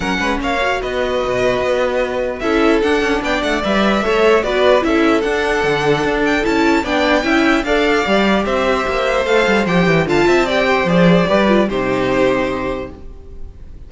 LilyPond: <<
  \new Staff \with { instrumentName = "violin" } { \time 4/4 \tempo 4 = 149 fis''4 f''4 dis''2~ | dis''2 e''4 fis''4 | g''8 fis''8 e''2 d''4 | e''4 fis''2~ fis''8 g''8 |
a''4 g''2 f''4~ | f''4 e''2 f''4 | g''4 a''4 g''4 d''4~ | d''4 c''2. | }
  \new Staff \with { instrumentName = "violin" } { \time 4/4 ais'8 b'8 cis''4 b'2~ | b'2 a'2 | d''2 cis''4 b'4 | a'1~ |
a'4 d''4 e''4 d''4~ | d''4 c''2.~ | c''4 f''8 e''8 d''8 c''4. | b'4 g'2. | }
  \new Staff \with { instrumentName = "viola" } { \time 4/4 cis'4. fis'2~ fis'8~ | fis'2 e'4 d'4~ | d'4 b'4 a'4 fis'4 | e'4 d'2. |
e'4 d'4 e'4 a'4 | g'2. a'4 | g'4 f'4 g'4 gis'4 | g'8 f'8 dis'2. | }
  \new Staff \with { instrumentName = "cello" } { \time 4/4 fis8 gis8 ais4 b4 b,4 | b2 cis'4 d'8 cis'8 | b8 a8 g4 a4 b4 | cis'4 d'4 d4 d'4 |
cis'4 b4 cis'4 d'4 | g4 c'4 ais4 a8 g8 | f8 e8 d8 c'4. f4 | g4 c2. | }
>>